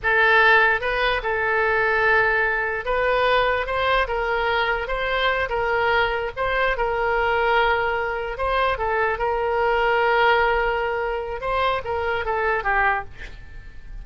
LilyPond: \new Staff \with { instrumentName = "oboe" } { \time 4/4 \tempo 4 = 147 a'2 b'4 a'4~ | a'2. b'4~ | b'4 c''4 ais'2 | c''4. ais'2 c''8~ |
c''8 ais'2.~ ais'8~ | ais'8 c''4 a'4 ais'4.~ | ais'1 | c''4 ais'4 a'4 g'4 | }